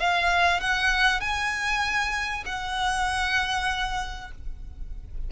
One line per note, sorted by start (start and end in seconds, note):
0.00 0.61 F5
0.61 1.21 F#5
1.21 2.44 G#5
2.46 4.32 F#5